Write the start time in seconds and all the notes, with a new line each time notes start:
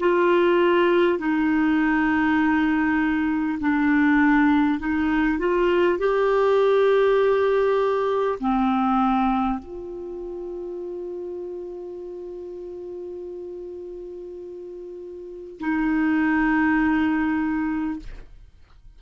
0.00 F4
1.19 D#4
3.60 D4
4.79 D#4
5.38 F4
5.98 G4
8.40 C4
9.59 F4
15.59 D#4